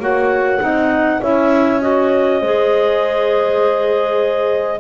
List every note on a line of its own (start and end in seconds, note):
0.00 0.60 A#3
0.00 0.60 F#4
0.00 0.62 C#5
0.00 1.23 F#5
0.60 1.22 C4
0.60 1.20 D#4
0.60 1.22 D#5
1.22 2.42 C#4
1.22 1.81 E4
1.22 2.41 C#5
1.22 1.81 E5
1.81 2.41 F#4
1.81 4.80 D#5
2.41 4.80 G#3
2.41 4.80 G#4
2.41 4.80 C5